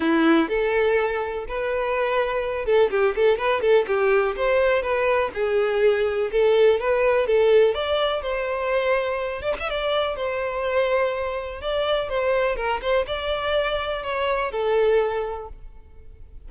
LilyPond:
\new Staff \with { instrumentName = "violin" } { \time 4/4 \tempo 4 = 124 e'4 a'2 b'4~ | b'4. a'8 g'8 a'8 b'8 a'8 | g'4 c''4 b'4 gis'4~ | gis'4 a'4 b'4 a'4 |
d''4 c''2~ c''8 d''16 e''16 | d''4 c''2. | d''4 c''4 ais'8 c''8 d''4~ | d''4 cis''4 a'2 | }